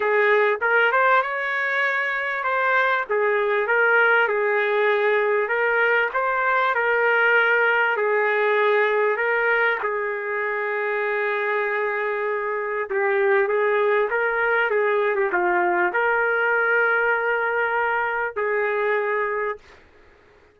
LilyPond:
\new Staff \with { instrumentName = "trumpet" } { \time 4/4 \tempo 4 = 98 gis'4 ais'8 c''8 cis''2 | c''4 gis'4 ais'4 gis'4~ | gis'4 ais'4 c''4 ais'4~ | ais'4 gis'2 ais'4 |
gis'1~ | gis'4 g'4 gis'4 ais'4 | gis'8. g'16 f'4 ais'2~ | ais'2 gis'2 | }